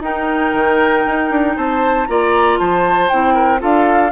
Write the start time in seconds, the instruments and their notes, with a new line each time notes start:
0.00 bassoon D#4, clarinet D#4, oboe A#4, flute G5
0.54 bassoon D#3
1.06 bassoon D#4
1.30 bassoon D4
1.56 bassoon C4, oboe C5, flute A5
2.06 bassoon A#3, clarinet F4, oboe D5, flute A#5
2.58 bassoon F3, oboe C5, flute A5
3.09 bassoon C4, clarinet E4, flute G5
3.34 oboe A#4
3.59 bassoon D4, clarinet F4, oboe A4, flute F5